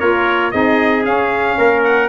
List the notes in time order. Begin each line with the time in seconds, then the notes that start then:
0.00 A#3 F4 A#4 C#5
0.52 C4 D#4 G#4 D#5
1.04 C#4 F5
1.58 A#3 A#4
1.84 F#5